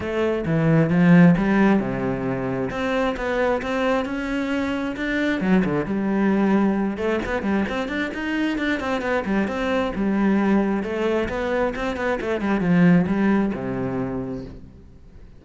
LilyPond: \new Staff \with { instrumentName = "cello" } { \time 4/4 \tempo 4 = 133 a4 e4 f4 g4 | c2 c'4 b4 | c'4 cis'2 d'4 | fis8 d8 g2~ g8 a8 |
b8 g8 c'8 d'8 dis'4 d'8 c'8 | b8 g8 c'4 g2 | a4 b4 c'8 b8 a8 g8 | f4 g4 c2 | }